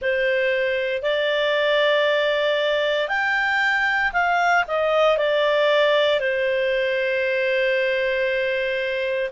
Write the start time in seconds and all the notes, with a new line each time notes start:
0.01 C5
1.02 D5
3.08 G5
4.12 F5
4.67 D#5
5.17 D5
6.20 C5